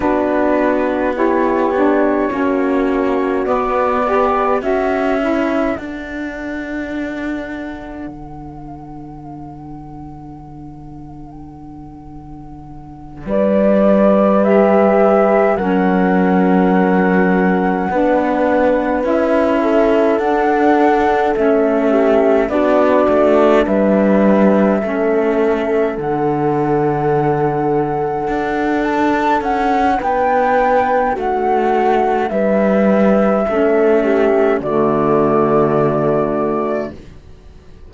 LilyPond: <<
  \new Staff \with { instrumentName = "flute" } { \time 4/4 \tempo 4 = 52 b'4 cis''2 d''4 | e''4 fis''2.~ | fis''2.~ fis''8 d''8~ | d''8 e''4 fis''2~ fis''8~ |
fis''8 e''4 fis''4 e''4 d''8~ | d''8 e''2 fis''4.~ | fis''4 a''8 fis''8 g''4 fis''4 | e''2 d''2 | }
  \new Staff \with { instrumentName = "horn" } { \time 4/4 fis'4 g'4 fis'4. b'8 | a'1~ | a'2.~ a'8 b'8~ | b'4. ais'2 b'8~ |
b'4 a'2 g'8 fis'8~ | fis'8 b'4 a'2~ a'8~ | a'2 b'4 fis'4 | b'4 a'8 g'8 fis'2 | }
  \new Staff \with { instrumentName = "saxophone" } { \time 4/4 d'4 e'8 d'8 cis'4 b8 g'8 | fis'8 e'8 d'2.~ | d'1~ | d'8 g'4 cis'2 d'8~ |
d'8 e'4 d'4 cis'4 d'8~ | d'4. cis'4 d'4.~ | d'1~ | d'4 cis'4 a2 | }
  \new Staff \with { instrumentName = "cello" } { \time 4/4 b2 ais4 b4 | cis'4 d'2 d4~ | d2.~ d8 g8~ | g4. fis2 b8~ |
b8 cis'4 d'4 a4 b8 | a8 g4 a4 d4.~ | d8 d'4 cis'8 b4 a4 | g4 a4 d2 | }
>>